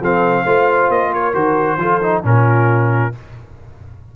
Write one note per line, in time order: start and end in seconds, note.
0.00 0.45 F3
0.00 0.46 C4
0.00 0.44 A4
0.00 0.91 F5
0.44 0.90 A3
0.44 1.34 F4
0.44 1.11 C5
0.90 1.34 A#3
0.90 1.13 D#5
1.13 1.79 A#4
1.13 1.34 C#5
1.34 1.77 D#3
1.34 1.79 F#4
1.34 2.23 C5
1.77 2.22 F3
1.77 2.02 F4
1.77 2.25 A4
2.02 2.23 D#4
2.23 3.13 A#2
2.23 3.12 C#4
2.23 3.16 F4
2.23 3.15 A#4